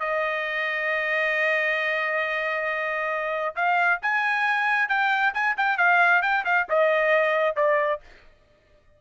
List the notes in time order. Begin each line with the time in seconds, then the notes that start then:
0.00 D#5
3.56 F5
4.02 G#5
4.89 G5
5.34 G#5
5.57 G5
5.78 F5
6.22 G5
6.45 F5
6.69 D#5
7.56 D5